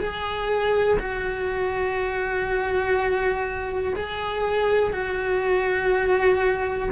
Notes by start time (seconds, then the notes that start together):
0.00 G#4
0.99 F#4
3.96 G#4
4.93 F#4